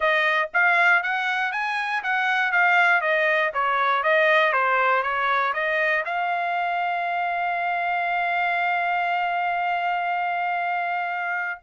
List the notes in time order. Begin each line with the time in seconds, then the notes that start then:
0.00 D#5
0.53 F5
1.02 F#5
1.52 G#5
2.03 F#5
2.51 F5
3.01 D#5
3.53 C#5
4.03 D#5
4.52 C5
5.02 C#5
5.53 D#5
6.05 F5